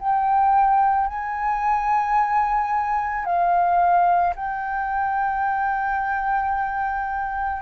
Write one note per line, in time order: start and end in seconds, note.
0.00 1.08 G5
1.08 3.25 G#5
3.25 4.34 F5
4.36 7.63 G5